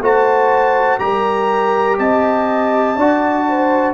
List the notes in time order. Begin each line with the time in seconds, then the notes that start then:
0.00 A3 F#4 C5 A5
0.99 G3 G4 A#4 A#5
1.98 C4 D#5 A5
2.96 D4 F#4 D5
3.49 C5